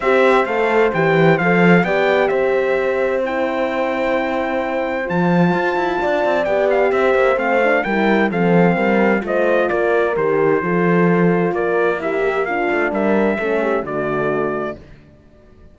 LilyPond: <<
  \new Staff \with { instrumentName = "trumpet" } { \time 4/4 \tempo 4 = 130 e''4 f''4 g''4 f''4 | g''4 e''2 g''4~ | g''2. a''4~ | a''2 g''8 f''8 e''4 |
f''4 g''4 f''2 | dis''4 d''4 c''2~ | c''4 d''4 e''4 f''4 | e''2 d''2 | }
  \new Staff \with { instrumentName = "horn" } { \time 4/4 c''1 | d''4 c''2.~ | c''1~ | c''4 d''2 c''4~ |
c''4 ais'4 a'4 ais'4 | c''4 ais'2 a'4~ | a'4 ais'4 g'4 f'4 | ais'4 a'8 g'8 fis'2 | }
  \new Staff \with { instrumentName = "horn" } { \time 4/4 g'4 a'4 g'4 a'4 | g'2. e'4~ | e'2. f'4~ | f'2 g'2 |
c'8 d'8 e'4 c'2 | f'2 g'4 f'4~ | f'2 e'8 g'8 d'4~ | d'4 cis'4 a2 | }
  \new Staff \with { instrumentName = "cello" } { \time 4/4 c'4 a4 e4 f4 | b4 c'2.~ | c'2. f4 | f'8 e'8 d'8 c'8 b4 c'8 ais8 |
a4 g4 f4 g4 | a4 ais4 dis4 f4~ | f4 ais2~ ais8 a8 | g4 a4 d2 | }
>>